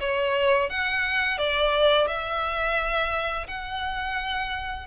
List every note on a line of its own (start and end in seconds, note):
0.00 0.69 C#5
0.69 1.38 F#5
1.38 2.07 D5
2.07 3.47 E5
3.47 4.87 F#5